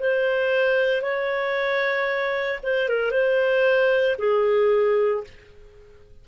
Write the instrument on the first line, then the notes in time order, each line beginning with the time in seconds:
clarinet
0.00 C5
1.02 C#5
2.64 C5
2.89 A#4
3.11 C5
4.19 G#4